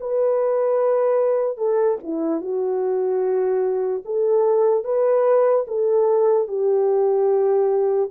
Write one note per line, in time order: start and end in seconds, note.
0.00 1.57 B4
1.57 1.97 A4
2.03 2.41 E4
2.41 4.03 F#4
4.05 4.84 A4
4.84 5.65 B4
5.67 6.48 A4
6.48 8.10 G4